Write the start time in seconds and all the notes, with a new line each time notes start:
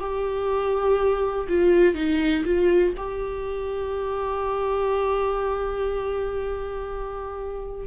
0.00 G4
1.48 F4
1.95 D#4
2.44 F4
2.97 G4